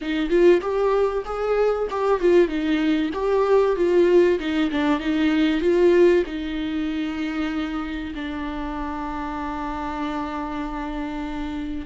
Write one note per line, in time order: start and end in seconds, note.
0.01 0.29 D#4
0.29 0.60 F4
0.61 1.23 G4
1.25 1.88 G#4
1.90 2.20 G4
2.20 2.47 F4
2.47 3.10 D#4
3.13 3.76 G4
3.76 4.38 F4
4.39 4.70 D#4
4.71 4.99 D4
4.99 5.61 D#4
5.61 6.23 F4
6.26 8.13 D#4
8.14 11.86 D4